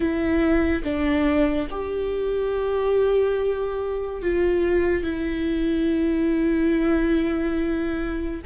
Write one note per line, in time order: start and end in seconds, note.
0.00 0.82 E4
0.83 1.67 D4
1.70 4.22 G4
4.22 5.03 F4
5.03 8.41 E4